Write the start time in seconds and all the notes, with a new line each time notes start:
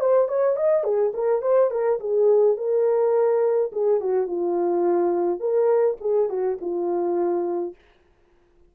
0.00 C5
0.28 C#5
0.56 D#5
0.83 G#4
1.14 A#4
1.42 C5
1.70 A#4
1.99 G#4
2.57 A#4
3.72 G#4
4.01 F#4
4.26 F4
5.39 A#4
6.01 G#4
6.29 F#4
6.61 F4